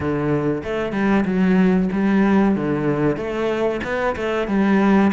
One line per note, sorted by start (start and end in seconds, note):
0.00 0.62 D3
0.63 0.92 A3
0.92 1.24 G3
1.25 1.89 F#3
1.92 2.55 G3
2.55 3.17 D3
3.17 3.80 A3
3.83 4.15 B3
4.15 4.47 A3
4.47 5.11 G3